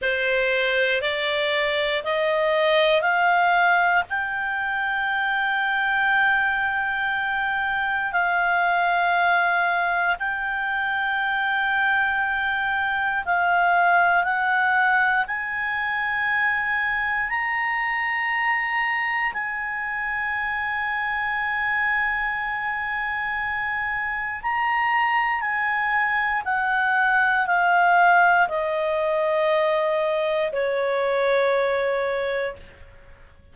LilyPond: \new Staff \with { instrumentName = "clarinet" } { \time 4/4 \tempo 4 = 59 c''4 d''4 dis''4 f''4 | g''1 | f''2 g''2~ | g''4 f''4 fis''4 gis''4~ |
gis''4 ais''2 gis''4~ | gis''1 | ais''4 gis''4 fis''4 f''4 | dis''2 cis''2 | }